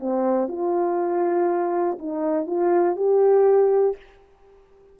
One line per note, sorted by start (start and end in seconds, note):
0.00 0.48 C4
0.48 1.98 F4
1.99 2.47 D#4
2.47 2.96 F4
2.96 3.96 G4